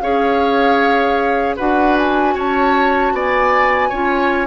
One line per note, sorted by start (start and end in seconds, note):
0.00 1.58 C#4
0.00 1.58 G#4
0.00 1.56 C#5
0.00 1.56 F5
1.56 2.35 D4
1.56 3.92 F#4
1.56 2.34 B4
1.56 1.97 F#5
1.98 2.37 G#5
2.35 3.12 C#4
2.35 3.13 C#5
2.35 3.16 A5
3.12 3.90 B3
3.12 3.89 D5
3.12 4.47 G#5
3.89 4.47 C#4
3.89 4.47 F4
3.89 4.47 C#5